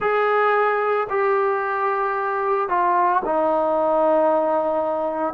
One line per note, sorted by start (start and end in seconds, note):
0.00 1.07 G#4
1.09 2.68 G4
2.68 3.22 F4
3.24 5.34 D#4